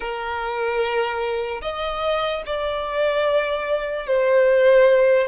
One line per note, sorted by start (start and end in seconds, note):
0.00 1.61 A#4
1.61 2.43 D#5
2.45 4.06 D5
4.06 5.27 C5